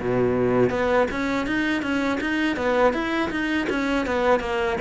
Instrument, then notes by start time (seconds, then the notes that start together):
cello
0.00 B2
0.70 B3
1.11 C#4
1.46 D#4
1.82 C#4
2.20 D#4
2.56 B3
2.93 E4
3.30 D#4
3.69 C#4
4.06 B3
4.40 A#3